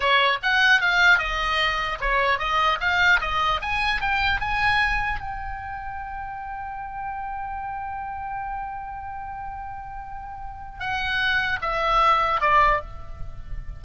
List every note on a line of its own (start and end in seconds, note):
0.00 0.38 C#5
0.42 0.81 F#5
0.81 1.18 F5
1.18 1.98 D#5
2.01 2.38 C#5
2.38 2.78 D#5
2.80 3.20 F5
3.21 3.61 D#5
3.61 4.01 G#5
4.01 4.40 G5
4.40 5.20 G#5
5.20 10.79 G5
10.79 11.59 F#5
11.61 12.41 E5
12.41 12.81 D5